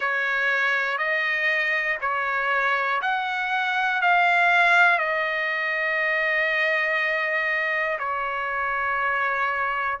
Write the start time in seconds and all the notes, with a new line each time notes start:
0.00 C#5
0.98 D#5
2.00 C#5
3.01 F#5
4.01 F5
4.98 D#5
7.98 C#5